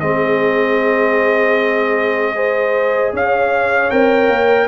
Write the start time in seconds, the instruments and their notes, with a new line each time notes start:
0.00 tuba G#3, trombone C4, horn G#4, trumpet D#5
2.35 trombone G#4, horn C5
3.12 tuba C#4, horn C#5, trumpet F5
3.90 tuba C4, trombone A#4, trumpet G5
4.28 tuba A#3